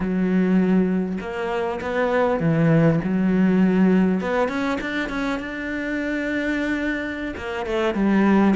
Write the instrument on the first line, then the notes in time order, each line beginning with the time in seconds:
cello
0.00 F#3
1.20 A#3
1.81 B3
2.40 E3
3.04 F#3
4.21 B3
4.48 C#4
4.80 D4
5.09 C#4
5.39 D4
7.36 A#3
7.66 A3
7.94 G3